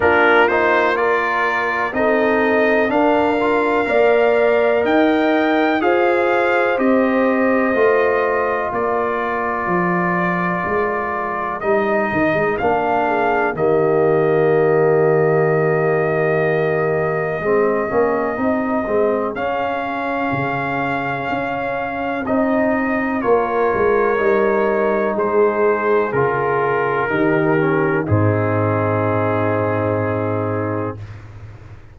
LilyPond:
<<
  \new Staff \with { instrumentName = "trumpet" } { \time 4/4 \tempo 4 = 62 ais'8 c''8 d''4 dis''4 f''4~ | f''4 g''4 f''4 dis''4~ | dis''4 d''2. | dis''4 f''4 dis''2~ |
dis''1 | f''2. dis''4 | cis''2 c''4 ais'4~ | ais'4 gis'2. | }
  \new Staff \with { instrumentName = "horn" } { \time 4/4 f'4 ais'4 a'4 ais'4 | d''4 dis''4 c''2~ | c''4 ais'2.~ | ais'4. gis'8 g'2~ |
g'2 gis'2~ | gis'1 | ais'2 gis'2 | g'4 dis'2. | }
  \new Staff \with { instrumentName = "trombone" } { \time 4/4 d'8 dis'8 f'4 dis'4 d'8 f'8 | ais'2 gis'4 g'4 | f'1 | dis'4 d'4 ais2~ |
ais2 c'8 cis'8 dis'8 c'8 | cis'2. dis'4 | f'4 dis'2 f'4 | dis'8 cis'8 c'2. | }
  \new Staff \with { instrumentName = "tuba" } { \time 4/4 ais2 c'4 d'4 | ais4 dis'4 f'4 c'4 | a4 ais4 f4 gis4 | g8 dis16 gis16 ais4 dis2~ |
dis2 gis8 ais8 c'8 gis8 | cis'4 cis4 cis'4 c'4 | ais8 gis8 g4 gis4 cis4 | dis4 gis,2. | }
>>